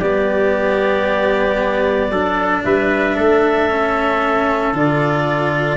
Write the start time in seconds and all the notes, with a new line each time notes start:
0.00 G3 B3 G4 D5
2.11 F#3 D4 A4
2.64 G3 B4 E5
3.16 A3 A4
3.70 C#4
4.74 D3 F4 D5